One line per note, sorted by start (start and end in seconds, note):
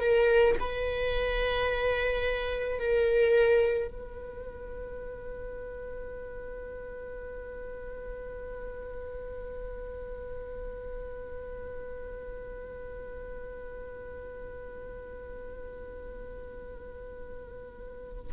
0.00 0.56 A#4
0.60 2.79 B4
2.79 3.88 A#4
3.88 18.32 B4